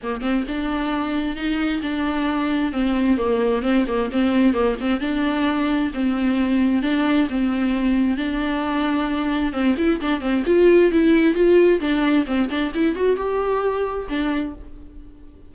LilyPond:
\new Staff \with { instrumentName = "viola" } { \time 4/4 \tempo 4 = 132 ais8 c'8 d'2 dis'4 | d'2 c'4 ais4 | c'8 ais8 c'4 ais8 c'8 d'4~ | d'4 c'2 d'4 |
c'2 d'2~ | d'4 c'8 e'8 d'8 c'8 f'4 | e'4 f'4 d'4 c'8 d'8 | e'8 fis'8 g'2 d'4 | }